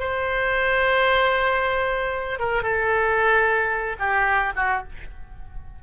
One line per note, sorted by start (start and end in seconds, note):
0.00 2.40 C5
2.40 2.63 A#4
2.63 3.97 A4
4.00 4.53 G4
4.56 4.83 F#4